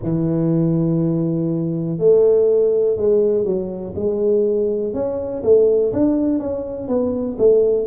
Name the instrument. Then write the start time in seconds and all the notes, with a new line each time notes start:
tuba
0.02 E3
1.98 A3
2.96 G#3
3.44 F#3
3.95 G#3
4.93 C#4
5.43 A3
5.92 D4
6.39 C#4
6.88 B3
7.38 A3